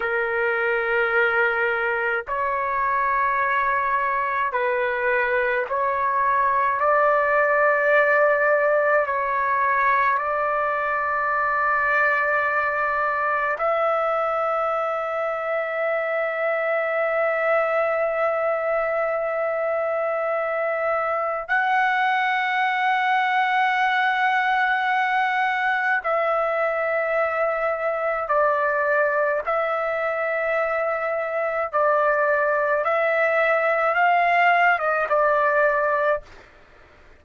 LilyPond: \new Staff \with { instrumentName = "trumpet" } { \time 4/4 \tempo 4 = 53 ais'2 cis''2 | b'4 cis''4 d''2 | cis''4 d''2. | e''1~ |
e''2. fis''4~ | fis''2. e''4~ | e''4 d''4 e''2 | d''4 e''4 f''8. dis''16 d''4 | }